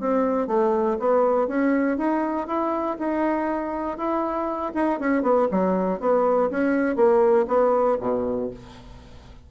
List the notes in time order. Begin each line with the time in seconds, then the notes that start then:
0.00 C4
0.47 A3
0.99 B3
1.48 C#4
1.97 D#4
2.47 E4
2.99 D#4
3.97 E4
4.75 D#4
5.00 C#4
5.22 B3
5.51 F#3
6.00 B3
6.50 C#4
6.96 A#3
7.48 B3
8.00 B2